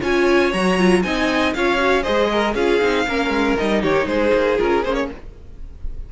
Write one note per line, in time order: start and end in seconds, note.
0.00 0.53 C#4
0.00 0.52 F4
0.00 1.02 C#5
0.00 0.53 G#5
0.53 1.04 F#3
0.53 0.78 F#4
0.53 1.03 A#5
0.78 1.03 F4
1.03 1.54 C4
1.03 1.54 D#4
1.03 1.55 D#5
1.03 1.53 G#5
1.54 2.06 C#4
1.54 1.77 F4
1.54 2.02 C#5
1.54 2.03 F5
1.77 2.03 F#4
2.02 2.55 G#3
2.02 2.54 G#4
2.02 2.28 C5
2.02 2.54 D#5
2.32 2.54 A#4
2.54 2.80 C#4
2.54 2.81 F4
2.54 3.05 G#4
2.54 3.57 F5
2.81 3.07 C4
2.81 3.07 D#4
3.07 3.29 A#3
3.07 3.58 C#4
3.07 3.82 A#4
3.29 3.54 G#3
3.57 3.84 G3
3.57 4.58 D#4
3.57 3.83 D#5
3.82 4.06 D#3
3.82 4.07 G4
3.82 4.07 C#5
4.06 4.32 G#3
4.06 5.09 G#4
4.06 4.58 C5
4.34 4.59 A#3
4.58 4.85 C#4
4.58 4.83 F4
4.58 4.84 A#4
4.85 5.10 A#3
4.85 5.12 C#4
4.85 4.94 C5
4.94 5.07 C#5